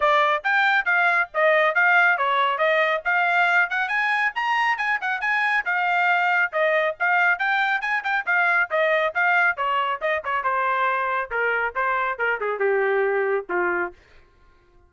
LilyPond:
\new Staff \with { instrumentName = "trumpet" } { \time 4/4 \tempo 4 = 138 d''4 g''4 f''4 dis''4 | f''4 cis''4 dis''4 f''4~ | f''8 fis''8 gis''4 ais''4 gis''8 fis''8 | gis''4 f''2 dis''4 |
f''4 g''4 gis''8 g''8 f''4 | dis''4 f''4 cis''4 dis''8 cis''8 | c''2 ais'4 c''4 | ais'8 gis'8 g'2 f'4 | }